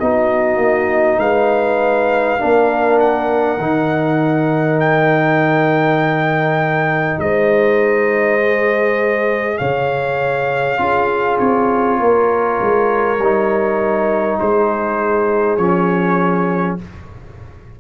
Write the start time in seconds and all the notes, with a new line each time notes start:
0.00 B3 D#4 F#4 D#5
0.56 A#3
1.19 G#3 B4 F5
2.39 A#3 D4 A#4
3.00 F#5
3.58 D#3 D#4
4.80 G5
7.19 G#3 C5 D#5
8.41 G#4
9.58 C#3 C#5 F5
10.78 C#4 F4 G#4
11.39 C4 C#5
12.00 A#3 A#4
12.61 G#3
13.19 G3 D#4
14.40 G#3 G#4 C5
15.57 F3 C#4 C#5